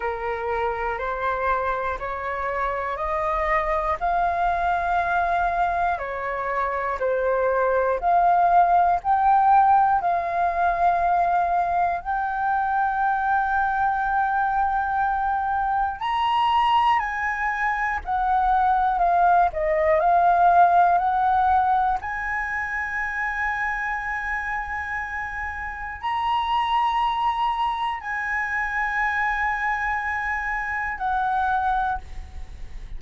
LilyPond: \new Staff \with { instrumentName = "flute" } { \time 4/4 \tempo 4 = 60 ais'4 c''4 cis''4 dis''4 | f''2 cis''4 c''4 | f''4 g''4 f''2 | g''1 |
ais''4 gis''4 fis''4 f''8 dis''8 | f''4 fis''4 gis''2~ | gis''2 ais''2 | gis''2. fis''4 | }